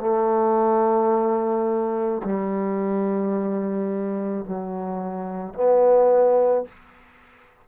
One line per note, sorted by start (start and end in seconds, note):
0.00 2.22 A3
2.24 4.45 G3
4.45 5.55 F#3
5.55 6.66 B3